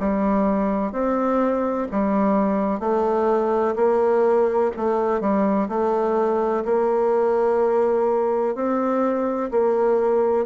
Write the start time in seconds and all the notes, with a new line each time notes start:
0.00 G3
0.92 C4
1.91 G3
2.80 A3
3.76 A#3
4.76 A3
5.20 G3
5.68 A3
6.65 A#3
8.55 C4
9.51 A#3